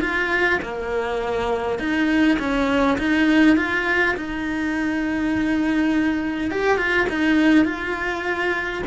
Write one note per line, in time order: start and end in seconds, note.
0.00 0.59 F4
0.62 1.79 A#3
1.79 2.38 D#4
2.39 2.97 C#4
2.98 3.56 D#4
3.56 4.15 F4
4.16 6.51 D#4
6.51 6.77 G4
6.77 7.06 F4
7.09 7.65 D#4
7.65 8.82 F4